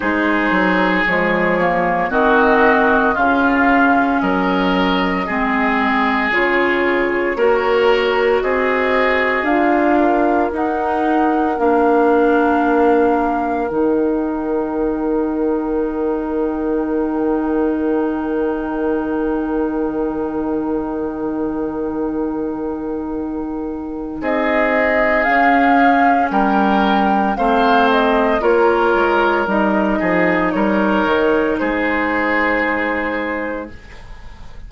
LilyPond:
<<
  \new Staff \with { instrumentName = "flute" } { \time 4/4 \tempo 4 = 57 c''4 cis''4 dis''4 f''4 | dis''2 cis''2 | dis''4 f''4 fis''4 f''4~ | f''4 g''2.~ |
g''1~ | g''2. dis''4 | f''4 g''4 f''8 dis''8 cis''4 | dis''4 cis''4 c''2 | }
  \new Staff \with { instrumentName = "oboe" } { \time 4/4 gis'2 fis'4 f'4 | ais'4 gis'2 ais'4 | gis'4. ais'2~ ais'8~ | ais'1~ |
ais'1~ | ais'2. gis'4~ | gis'4 ais'4 c''4 ais'4~ | ais'8 gis'8 ais'4 gis'2 | }
  \new Staff \with { instrumentName = "clarinet" } { \time 4/4 dis'4 gis8 ais8 c'4 cis'4~ | cis'4 c'4 f'4 fis'4~ | fis'4 f'4 dis'4 d'4~ | d'4 dis'2.~ |
dis'1~ | dis'1 | cis'2 c'4 f'4 | dis'1 | }
  \new Staff \with { instrumentName = "bassoon" } { \time 4/4 gis8 fis8 f4 dis4 cis4 | fis4 gis4 cis4 ais4 | c'4 d'4 dis'4 ais4~ | ais4 dis2.~ |
dis1~ | dis2. c'4 | cis'4 g4 a4 ais8 gis8 | g8 f8 g8 dis8 gis2 | }
>>